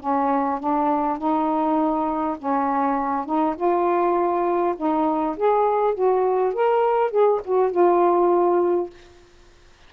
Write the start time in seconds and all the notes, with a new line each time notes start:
0.00 C#4
0.59 D4
1.18 D#4
2.38 C#4
3.25 D#4
3.56 F4
4.77 D#4
5.36 G#4
5.94 F#4
6.53 A#4
7.11 G#4
7.45 F#4
7.71 F4